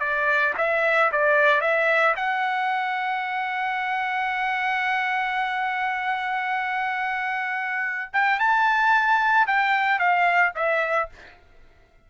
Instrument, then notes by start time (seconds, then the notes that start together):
trumpet
0.00 D5
0.58 E5
1.12 D5
1.61 E5
2.17 F#5
8.14 G5
8.40 A5
9.47 G5
10.00 F5
10.56 E5